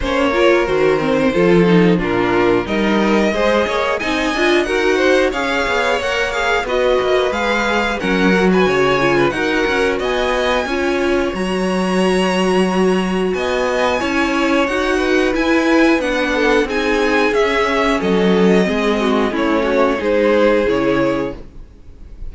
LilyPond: <<
  \new Staff \with { instrumentName = "violin" } { \time 4/4 \tempo 4 = 90 cis''4 c''2 ais'4 | dis''2 gis''4 fis''4 | f''4 fis''8 f''8 dis''4 f''4 | fis''8. gis''4~ gis''16 fis''4 gis''4~ |
gis''4 ais''2. | gis''2 fis''4 gis''4 | fis''4 gis''4 e''4 dis''4~ | dis''4 cis''4 c''4 cis''4 | }
  \new Staff \with { instrumentName = "violin" } { \time 4/4 c''8 ais'4. a'4 f'4 | ais'4 c''8 cis''8 dis''4 ais'8 c''8 | cis''2 b'2 | ais'8. b'16 cis''8. b'16 ais'4 dis''4 |
cis''1 | dis''4 cis''4. b'4.~ | b'8 a'8 gis'2 a'4 | gis'8 fis'8 e'8 fis'8 gis'2 | }
  \new Staff \with { instrumentName = "viola" } { \time 4/4 cis'8 f'8 fis'8 c'8 f'8 dis'8 d'4 | dis'4 gis'4 dis'8 f'8 fis'4 | gis'4 ais'8 gis'8 fis'4 gis'4 | cis'8 fis'4 f'8 fis'2 |
f'4 fis'2.~ | fis'4 e'4 fis'4 e'4 | d'4 dis'4 cis'2 | c'4 cis'4 dis'4 e'4 | }
  \new Staff \with { instrumentName = "cello" } { \time 4/4 ais4 dis4 f4 ais,4 | g4 gis8 ais8 c'8 d'8 dis'4 | cis'8 b8 ais4 b8 ais8 gis4 | fis4 cis4 dis'8 cis'8 b4 |
cis'4 fis2. | b4 cis'4 dis'4 e'4 | b4 c'4 cis'4 fis4 | gis4 a4 gis4 cis4 | }
>>